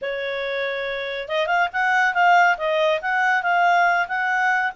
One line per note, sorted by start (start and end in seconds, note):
0.01 1.28 C#5
1.28 1.46 D#5
1.46 1.68 F5
1.73 2.14 F#5
2.14 2.56 F5
2.57 3.00 D#5
3.01 3.42 F#5
3.42 4.07 F5
4.08 4.72 F#5